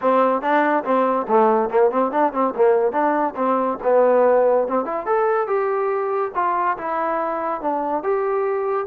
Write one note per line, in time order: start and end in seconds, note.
0.01 0.41 C4
0.41 0.83 D4
0.84 1.26 C4
1.28 1.69 A3
1.69 1.90 A#3
1.90 2.11 C4
2.11 2.32 D4
2.33 2.54 C4
2.55 2.92 A#3
2.92 3.34 D4
3.35 3.78 C4
3.83 4.67 B3
4.67 4.85 C4
4.85 5.06 E4
5.06 5.47 A4
5.47 6.31 G4
6.35 6.77 F4
6.77 7.61 E4
7.61 8.03 D4
8.03 8.86 G4